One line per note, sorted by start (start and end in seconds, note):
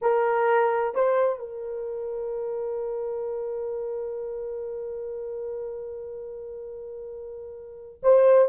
0.01 0.94 A#4
0.94 1.39 C5
1.39 8.00 A#4
8.03 8.49 C5